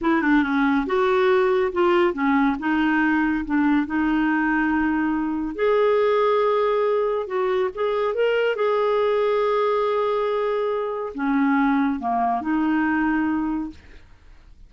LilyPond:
\new Staff \with { instrumentName = "clarinet" } { \time 4/4 \tempo 4 = 140 e'8 d'8 cis'4 fis'2 | f'4 cis'4 dis'2 | d'4 dis'2.~ | dis'4 gis'2.~ |
gis'4 fis'4 gis'4 ais'4 | gis'1~ | gis'2 cis'2 | ais4 dis'2. | }